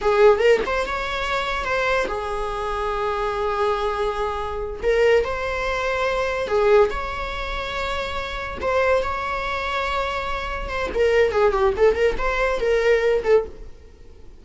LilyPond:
\new Staff \with { instrumentName = "viola" } { \time 4/4 \tempo 4 = 143 gis'4 ais'8 c''8 cis''2 | c''4 gis'2.~ | gis'2.~ gis'8 ais'8~ | ais'8 c''2. gis'8~ |
gis'8 cis''2.~ cis''8~ | cis''8 c''4 cis''2~ cis''8~ | cis''4. c''8 ais'4 gis'8 g'8 | a'8 ais'8 c''4 ais'4. a'8 | }